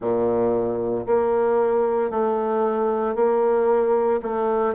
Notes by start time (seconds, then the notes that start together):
0.00 A#2
1.06 A#3
2.10 A3
3.15 A#3
4.22 A3